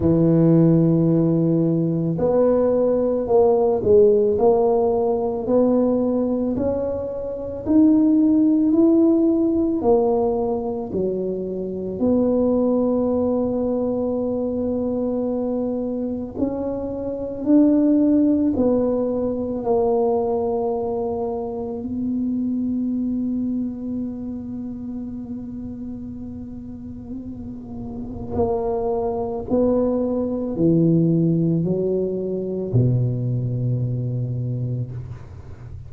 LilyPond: \new Staff \with { instrumentName = "tuba" } { \time 4/4 \tempo 4 = 55 e2 b4 ais8 gis8 | ais4 b4 cis'4 dis'4 | e'4 ais4 fis4 b4~ | b2. cis'4 |
d'4 b4 ais2 | b1~ | b2 ais4 b4 | e4 fis4 b,2 | }